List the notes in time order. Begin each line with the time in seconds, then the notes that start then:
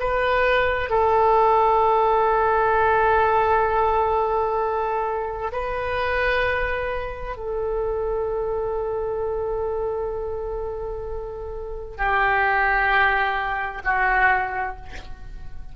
0.00 B4
0.90 A4
5.53 B4
7.37 A4
11.98 G4
13.85 F#4